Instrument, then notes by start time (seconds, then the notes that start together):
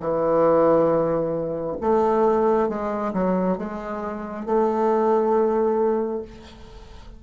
bassoon
0.00 E3
1.81 A3
2.69 G#3
3.13 F#3
3.58 G#3
4.46 A3